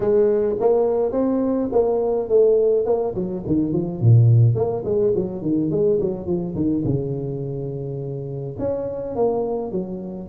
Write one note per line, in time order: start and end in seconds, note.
0.00 0.55 G#3
0.60 1.12 A#3
1.12 1.69 C4
1.71 2.29 A#3
2.29 2.85 A3
2.85 3.14 A#3
3.14 3.43 F#3
3.46 3.72 D#3
3.72 4.00 F3
4.00 4.55 A#2
4.55 4.83 A#3
4.84 5.13 G#3
5.15 5.42 F#3
5.42 5.70 D#3
5.71 5.99 G#3
6.00 6.26 F#3
6.26 6.55 F3
6.55 6.83 D#3
6.84 8.56 C#3
8.58 9.15 C#4
9.15 9.71 A#3
9.71 10.29 F#3